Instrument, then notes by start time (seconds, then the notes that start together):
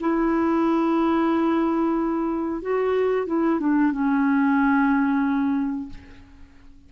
clarinet
0.00 E4
2.62 F#4
3.27 E4
3.60 D4
3.92 C#4